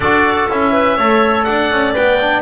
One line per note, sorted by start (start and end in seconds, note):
0.00 0.47 D4
0.00 0.50 F#4
0.00 0.72 A4
0.00 0.49 D5
0.49 0.98 C#4
0.49 0.99 E4
0.49 1.43 E5
0.72 0.96 B4
0.96 1.47 A3
0.96 1.93 A4
0.96 1.45 C#5
1.43 1.71 D4
1.43 2.42 D5
1.43 1.92 F#5
1.71 1.95 C#4
1.93 2.42 B3
1.93 2.18 B4
1.93 2.42 G5
2.20 2.42 D4